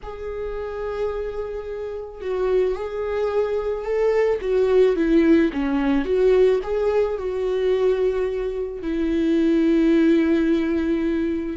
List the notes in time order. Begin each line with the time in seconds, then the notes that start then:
0.02 G#4
2.21 F#4
2.75 G#4
3.84 A4
4.41 F#4
4.95 E4
5.52 C#4
6.05 F#4
6.63 G#4
7.18 F#4
8.81 E4